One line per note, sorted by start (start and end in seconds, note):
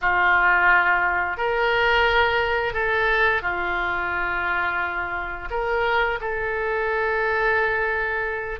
0.01 1.37 F4
1.37 2.73 A#4
2.73 3.41 A4
3.41 5.48 F4
5.50 6.19 A#4
6.20 8.60 A4